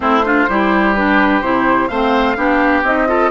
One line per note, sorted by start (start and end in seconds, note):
0.00 0.46 A3
0.00 0.23 C4
0.00 0.25 E4
0.00 0.94 C5
0.24 0.48 D4
0.24 0.49 F4
0.49 1.41 G3
0.49 0.95 E4
0.49 1.89 G4
0.94 1.42 D4
0.94 1.41 B4
1.41 1.88 C3
1.41 1.89 E4
1.41 1.88 C5
1.88 2.36 A3
1.88 2.36 C4
1.88 2.37 C5
1.88 2.82 F5
2.36 2.83 B3
2.36 2.83 D4
2.36 3.08 G4
2.83 3.30 C4
2.83 3.07 D#4
2.83 3.30 D#5
3.07 3.30 F4
3.07 3.30 A4